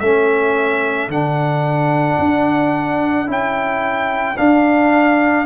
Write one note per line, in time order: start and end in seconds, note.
0.00 1.08 A3
0.00 1.11 C#4
0.00 5.46 A4
0.00 1.09 E5
1.08 2.17 D3
1.08 3.27 D4
1.08 3.29 F#5
2.19 3.28 D4
3.27 4.37 C#4
3.27 4.36 E4
3.27 4.37 G5
4.37 5.46 D4
4.37 5.46 F5